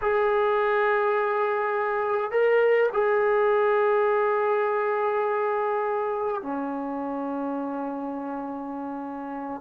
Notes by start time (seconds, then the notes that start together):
0.01 G#4
2.31 A#4
2.92 G#4
6.42 C#4